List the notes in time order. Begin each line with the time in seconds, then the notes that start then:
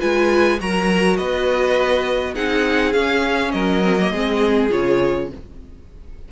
0.00 G#3 F4 B4 G#5
0.60 F#3 F#4 A#4 A#5
1.17 B3 B4 D#5
2.34 C4 D#4 G#4 F#5
2.93 C#4 F5
3.52 F#3 A#4 D#5
3.83 C4
4.00 A#3
4.11 G#3 C4 G#4
4.70 C#3 F4 C#5